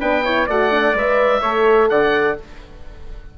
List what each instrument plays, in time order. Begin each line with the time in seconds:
0.00 bassoon B3, horn D4, trumpet B4, oboe G5
0.24 horn E4, trumpet C#5
0.47 bassoon A3, horn F#4, trumpet D5, oboe F#5
0.71 horn D4
0.94 bassoon G#3, horn B4, oboe E5
1.42 bassoon A3, horn A4, trumpet C#5
1.90 bassoon D3, trumpet D5, oboe F#5